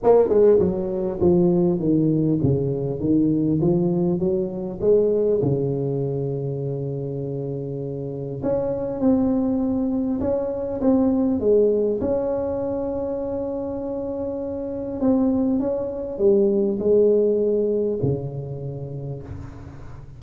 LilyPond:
\new Staff \with { instrumentName = "tuba" } { \time 4/4 \tempo 4 = 100 ais8 gis8 fis4 f4 dis4 | cis4 dis4 f4 fis4 | gis4 cis2.~ | cis2 cis'4 c'4~ |
c'4 cis'4 c'4 gis4 | cis'1~ | cis'4 c'4 cis'4 g4 | gis2 cis2 | }